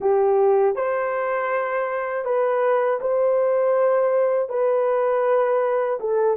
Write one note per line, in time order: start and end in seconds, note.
0.00 0.75 G4
0.75 2.24 C5
2.24 2.99 B4
3.00 4.49 C5
4.49 5.99 B4
6.00 6.36 A4